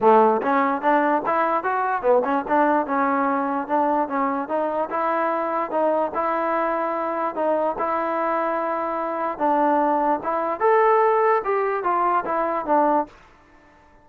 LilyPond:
\new Staff \with { instrumentName = "trombone" } { \time 4/4 \tempo 4 = 147 a4 cis'4 d'4 e'4 | fis'4 b8 cis'8 d'4 cis'4~ | cis'4 d'4 cis'4 dis'4 | e'2 dis'4 e'4~ |
e'2 dis'4 e'4~ | e'2. d'4~ | d'4 e'4 a'2 | g'4 f'4 e'4 d'4 | }